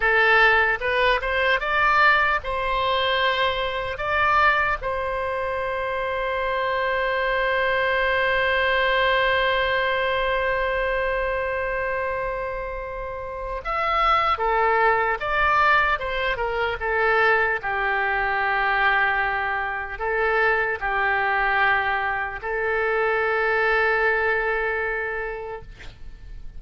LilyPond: \new Staff \with { instrumentName = "oboe" } { \time 4/4 \tempo 4 = 75 a'4 b'8 c''8 d''4 c''4~ | c''4 d''4 c''2~ | c''1~ | c''1~ |
c''4 e''4 a'4 d''4 | c''8 ais'8 a'4 g'2~ | g'4 a'4 g'2 | a'1 | }